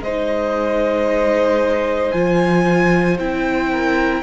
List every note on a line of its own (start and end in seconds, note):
0.00 2.11 G#3
0.00 3.71 C5
0.00 2.12 D#5
0.06 2.13 D#4
2.12 3.19 F3
2.12 3.18 F4
2.12 3.17 G#5
3.19 4.22 C4
3.19 4.22 E4
3.19 4.22 G5
3.71 4.22 A#4